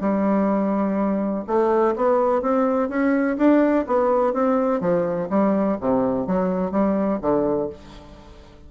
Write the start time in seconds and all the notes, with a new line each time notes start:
0.00 G3
1.46 A3
1.95 B3
2.42 C4
2.89 C#4
3.37 D4
3.87 B3
4.33 C4
4.80 F3
5.30 G3
5.80 C3
6.26 F#3
6.71 G3
7.21 D3